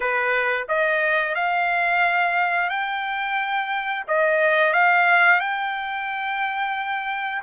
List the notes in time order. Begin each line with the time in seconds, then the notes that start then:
0.00 B4
0.68 D#5
1.35 F5
2.69 G5
4.07 D#5
4.73 F5
5.39 G5